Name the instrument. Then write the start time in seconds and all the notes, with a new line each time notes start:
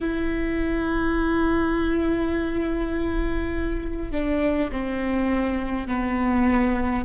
viola
0.01 E4
4.11 D4
4.71 C4
5.87 B3